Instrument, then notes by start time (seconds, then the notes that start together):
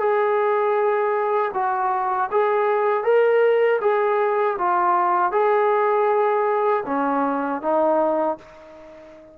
trombone
0.00 G#4
1.54 F#4
2.32 G#4
3.04 A#4
3.81 G#4
4.58 F4
5.32 G#4
6.86 C#4
7.62 D#4